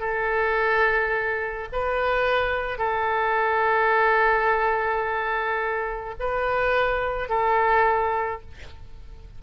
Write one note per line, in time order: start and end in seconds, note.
0.00 1.68 A4
1.72 2.78 B4
2.78 6.15 A4
6.20 7.29 B4
7.29 8.41 A4